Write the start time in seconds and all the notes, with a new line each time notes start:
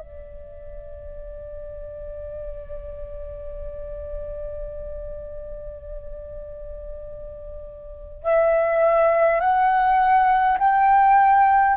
0.00 D5
8.24 E5
9.41 F#5
10.59 G5